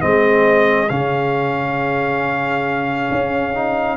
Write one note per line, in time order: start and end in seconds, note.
0.00 0.90 G#3
0.00 0.88 C4
0.00 3.97 G#4
0.00 0.89 D#5
0.89 3.10 C#3
0.89 3.54 C#4
0.89 3.97 F5
3.11 3.97 C#4
3.54 3.97 D#4